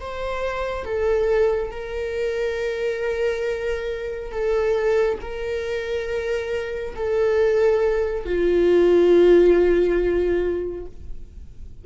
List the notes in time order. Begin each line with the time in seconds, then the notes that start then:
0.00 C5
0.84 A4
1.71 A#4
4.31 A4
5.21 A#4
6.95 A4
8.25 F4